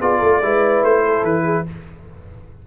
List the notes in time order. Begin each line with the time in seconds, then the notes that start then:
0.00 B3 F4 G#4 D5
0.19 A3 A4
0.43 G#3 E4 B4
0.84 A3 C5
1.05 A4
1.24 E3 B4
1.44 G#4